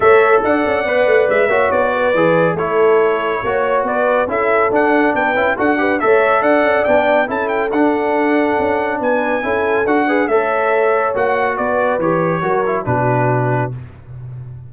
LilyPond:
<<
  \new Staff \with { instrumentName = "trumpet" } { \time 4/4 \tempo 4 = 140 e''4 fis''2 e''4 | d''2 cis''2~ | cis''4 d''4 e''4 fis''4 | g''4 fis''4 e''4 fis''4 |
g''4 a''8 g''8 fis''2~ | fis''4 gis''2 fis''4 | e''2 fis''4 d''4 | cis''2 b'2 | }
  \new Staff \with { instrumentName = "horn" } { \time 4/4 cis''4 d''2~ d''8 cis''8~ | cis''8 b'4. a'2 | cis''4 b'4 a'2 | b'4 a'8 b'8 cis''4 d''4~ |
d''4 a'2.~ | a'4 b'4 a'4. b'8 | cis''2. b'4~ | b'4 ais'4 fis'2 | }
  \new Staff \with { instrumentName = "trombone" } { \time 4/4 a'2 b'4. fis'8~ | fis'4 gis'4 e'2 | fis'2 e'4 d'4~ | d'8 e'8 fis'8 g'8 a'2 |
d'4 e'4 d'2~ | d'2 e'4 fis'8 gis'8 | a'2 fis'2 | g'4 fis'8 e'8 d'2 | }
  \new Staff \with { instrumentName = "tuba" } { \time 4/4 a4 d'8 cis'8 b8 a8 gis8 ais8 | b4 e4 a2 | ais4 b4 cis'4 d'4 | b8 cis'8 d'4 a4 d'8 cis'8 |
b4 cis'4 d'2 | cis'4 b4 cis'4 d'4 | a2 ais4 b4 | e4 fis4 b,2 | }
>>